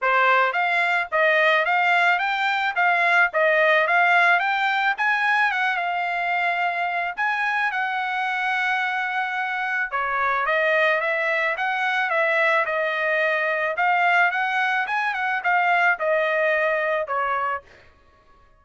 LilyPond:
\new Staff \with { instrumentName = "trumpet" } { \time 4/4 \tempo 4 = 109 c''4 f''4 dis''4 f''4 | g''4 f''4 dis''4 f''4 | g''4 gis''4 fis''8 f''4.~ | f''4 gis''4 fis''2~ |
fis''2 cis''4 dis''4 | e''4 fis''4 e''4 dis''4~ | dis''4 f''4 fis''4 gis''8 fis''8 | f''4 dis''2 cis''4 | }